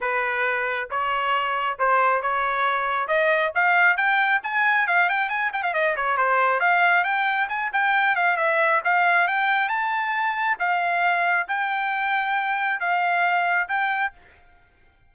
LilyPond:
\new Staff \with { instrumentName = "trumpet" } { \time 4/4 \tempo 4 = 136 b'2 cis''2 | c''4 cis''2 dis''4 | f''4 g''4 gis''4 f''8 g''8 | gis''8 g''16 f''16 dis''8 cis''8 c''4 f''4 |
g''4 gis''8 g''4 f''8 e''4 | f''4 g''4 a''2 | f''2 g''2~ | g''4 f''2 g''4 | }